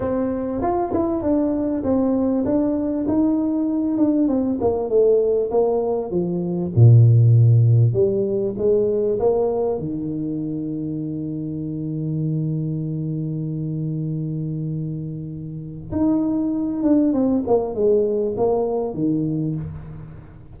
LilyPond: \new Staff \with { instrumentName = "tuba" } { \time 4/4 \tempo 4 = 98 c'4 f'8 e'8 d'4 c'4 | d'4 dis'4. d'8 c'8 ais8 | a4 ais4 f4 ais,4~ | ais,4 g4 gis4 ais4 |
dis1~ | dis1~ | dis2 dis'4. d'8 | c'8 ais8 gis4 ais4 dis4 | }